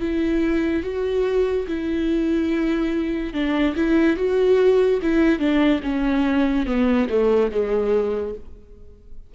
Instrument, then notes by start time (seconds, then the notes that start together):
viola
0.00 E4
0.83 F#4
1.67 E4
3.33 D4
3.76 E4
4.17 F#4
5.02 E4
5.39 D4
5.83 C#4
6.66 B3
7.09 A3
7.52 G#3